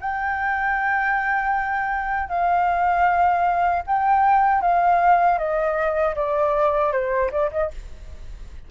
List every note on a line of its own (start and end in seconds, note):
0.00 2.29 G5
2.29 3.83 F5
3.86 4.61 G5
4.61 5.38 F5
5.38 6.15 D#5
6.15 6.92 D5
6.92 7.31 C5
7.31 7.51 D5
7.51 7.71 D#5